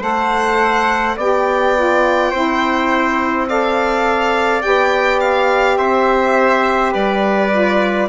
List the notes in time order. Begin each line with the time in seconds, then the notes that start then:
0.00 A3 A4 C5 F#5
1.16 B3 G4 D5 G5
1.75 F4
2.31 C4 E4 C5
3.48 A4 D5 F5
4.61 B3 G4 G5
5.20 F5
5.77 C4 C5 E5
6.92 G3 B4 D5
7.50 F4